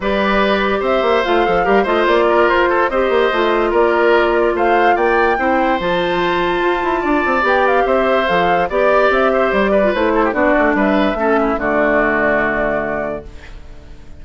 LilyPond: <<
  \new Staff \with { instrumentName = "flute" } { \time 4/4 \tempo 4 = 145 d''2 e''4 f''4~ | f''8 dis''8 d''4 c''4 dis''4~ | dis''4 d''2 f''4 | g''2 a''2~ |
a''2 g''8 f''8 e''4 | f''4 d''4 e''4 d''4 | c''4 d''4 e''2 | d''1 | }
  \new Staff \with { instrumentName = "oboe" } { \time 4/4 b'2 c''2 | ais'8 c''4 ais'4 a'8 c''4~ | c''4 ais'2 c''4 | d''4 c''2.~ |
c''4 d''2 c''4~ | c''4 d''4. c''4 b'8~ | b'8 a'16 g'16 fis'4 b'4 a'8 e'8 | fis'1 | }
  \new Staff \with { instrumentName = "clarinet" } { \time 4/4 g'2. f'8 a'8 | g'8 f'2~ f'8 g'4 | f'1~ | f'4 e'4 f'2~ |
f'2 g'2 | a'4 g'2~ g'8. f'16 | e'4 d'2 cis'4 | a1 | }
  \new Staff \with { instrumentName = "bassoon" } { \time 4/4 g2 c'8 ais8 a8 f8 | g8 a8 ais4 f'4 c'8 ais8 | a4 ais2 a4 | ais4 c'4 f2 |
f'8 e'8 d'8 c'8 b4 c'4 | f4 b4 c'4 g4 | a4 b8 a8 g4 a4 | d1 | }
>>